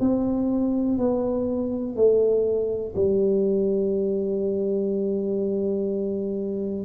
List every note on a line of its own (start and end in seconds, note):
0.00 0.97 C4
0.97 1.96 B3
1.96 2.94 A3
2.96 6.85 G3